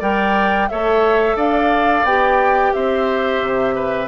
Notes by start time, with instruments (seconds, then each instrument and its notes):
0.00 bassoon G3, clarinet A#4, oboe D5, flute G5
0.69 bassoon A3, clarinet A4, oboe C#5, flute E5
1.36 bassoon D4, oboe D5, flute F5
2.04 bassoon B3, clarinet G4, flute G5
2.74 bassoon C4, oboe C5, flute E5
3.42 bassoon C3
3.75 oboe B4